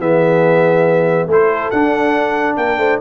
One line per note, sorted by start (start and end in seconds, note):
0.00 1.28 E3
0.00 1.29 B3
0.00 1.28 G#4
0.00 1.30 E5
1.28 1.71 A3
1.28 1.74 E4
1.28 2.57 A4
1.28 1.71 C5
1.71 2.58 D4
1.71 3.01 D4
1.71 2.57 F#5
2.57 2.78 A#3
2.57 2.79 A#4
2.57 3.00 G5
2.78 2.99 A3
2.78 3.00 C5